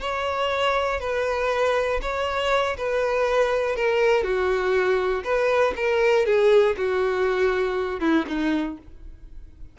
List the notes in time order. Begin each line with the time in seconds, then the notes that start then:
0.00 C#5
1.00 B4
2.02 C#5
2.77 B4
3.76 A#4
4.23 F#4
5.24 B4
5.76 A#4
6.26 G#4
6.77 F#4
8.00 E4
8.28 D#4